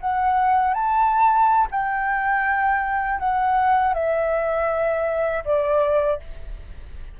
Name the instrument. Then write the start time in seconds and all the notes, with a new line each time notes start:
flute
0.00 F#5
0.73 A5
1.71 G5
3.19 F#5
3.93 E5
5.44 D5